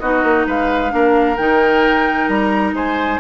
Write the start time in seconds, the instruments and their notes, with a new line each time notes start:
0.00 bassoon B3, clarinet D#4, oboe F#4, flute D#5
0.23 bassoon A#3
0.47 bassoon G#3, oboe B4, flute F5
0.90 bassoon A#3, clarinet D4, oboe A#4
1.37 bassoon D#3, clarinet D#4, flute G5
2.28 bassoon G3, flute A#5
2.73 bassoon G#3, oboe C5, flute G#5